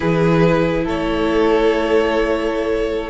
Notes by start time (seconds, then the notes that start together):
0.00 E3 E4 G#4 B4
0.84 A3 A4 C#5